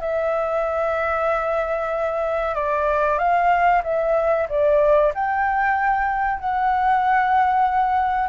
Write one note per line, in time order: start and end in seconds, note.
0.00 2.55 E5
2.55 3.18 D5
3.18 3.82 F5
3.83 4.47 E5
4.49 5.13 D5
5.14 6.39 G5
6.39 8.28 F#5